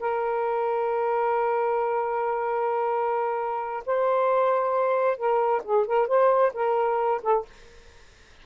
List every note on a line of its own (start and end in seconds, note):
0.00 3.83 A#4
3.86 5.17 C5
5.17 5.62 A#4
5.64 5.86 G#4
5.86 6.07 A#4
6.07 6.52 C5
6.54 7.21 A#4
7.23 7.45 A4